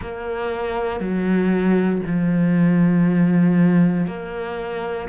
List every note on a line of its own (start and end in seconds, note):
0.01 0.99 A#3
0.99 2.01 F#3
2.06 4.06 F3
4.06 5.08 A#3